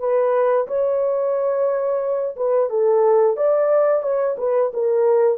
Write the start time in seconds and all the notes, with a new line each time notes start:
0.00 B4
0.68 C#5
2.37 B4
2.70 A4
3.37 D5
4.03 C#5
4.38 B4
4.74 A#4